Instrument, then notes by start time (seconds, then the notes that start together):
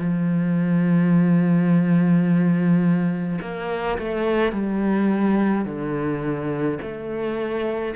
cello
0.00 F3
3.42 A#3
3.99 A3
4.53 G3
5.66 D3
6.82 A3